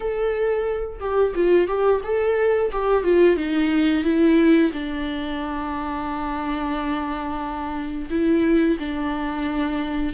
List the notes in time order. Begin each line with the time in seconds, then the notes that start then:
0.00 A4
1.00 G4
1.35 F4
1.67 G4
2.03 A4
2.72 G4
3.03 F4
3.36 D#4
4.04 E4
4.72 D4
8.10 E4
8.79 D4